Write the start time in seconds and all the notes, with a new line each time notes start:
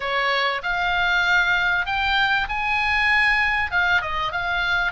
0.00 C#5
0.62 F5
1.86 G5
2.49 G#5
3.71 F5
4.01 D#5
4.32 F5